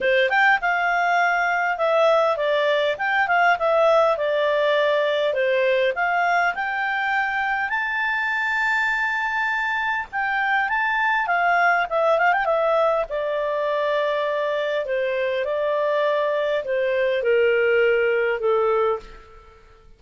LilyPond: \new Staff \with { instrumentName = "clarinet" } { \time 4/4 \tempo 4 = 101 c''8 g''8 f''2 e''4 | d''4 g''8 f''8 e''4 d''4~ | d''4 c''4 f''4 g''4~ | g''4 a''2.~ |
a''4 g''4 a''4 f''4 | e''8 f''16 g''16 e''4 d''2~ | d''4 c''4 d''2 | c''4 ais'2 a'4 | }